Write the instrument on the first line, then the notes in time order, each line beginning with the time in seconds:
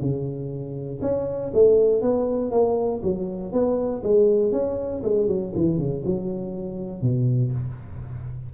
tuba
0.00 C#3
1.01 C#4
1.53 A3
2.01 B3
2.51 A#3
3.02 F#3
3.52 B3
4.03 G#3
4.52 C#4
5.03 G#3
5.27 F#3
5.55 E3
5.78 C#3
6.05 F#3
7.01 B2